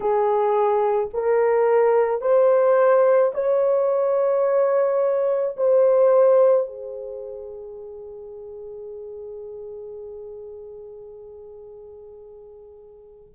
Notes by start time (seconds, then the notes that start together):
0.00 G#4
1.13 A#4
2.21 C5
3.33 C#5
5.56 C5
6.67 G#4